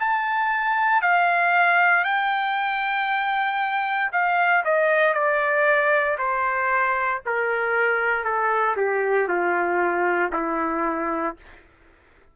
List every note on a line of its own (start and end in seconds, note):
0.00 1.02 A5
1.02 2.05 F5
2.05 4.11 G5
4.12 4.64 F5
4.65 5.14 D#5
5.14 6.18 D5
6.18 7.22 C5
7.26 8.24 A#4
8.24 8.76 A4
8.77 9.29 G4
9.29 10.32 F4
10.33 11.37 E4